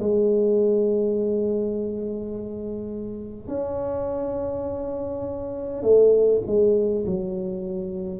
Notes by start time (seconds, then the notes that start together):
0.00 G#3
3.48 C#4
5.83 A3
6.47 G#3
7.06 F#3